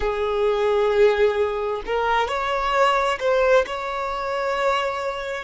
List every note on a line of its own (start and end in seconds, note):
0.00 1.82 G#4
1.86 2.28 A#4
2.28 3.19 C#5
3.19 3.65 C5
3.66 5.44 C#5